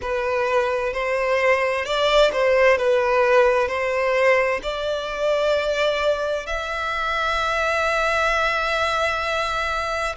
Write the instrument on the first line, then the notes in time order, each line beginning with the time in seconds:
violin
0.01 B4
0.93 C5
1.85 D5
2.32 C5
2.77 B4
3.68 C5
4.62 D5
6.46 E5